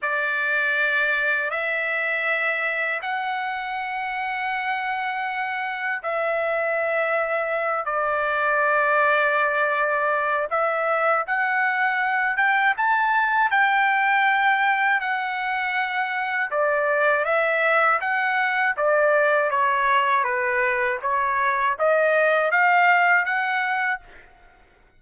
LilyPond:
\new Staff \with { instrumentName = "trumpet" } { \time 4/4 \tempo 4 = 80 d''2 e''2 | fis''1 | e''2~ e''8 d''4.~ | d''2 e''4 fis''4~ |
fis''8 g''8 a''4 g''2 | fis''2 d''4 e''4 | fis''4 d''4 cis''4 b'4 | cis''4 dis''4 f''4 fis''4 | }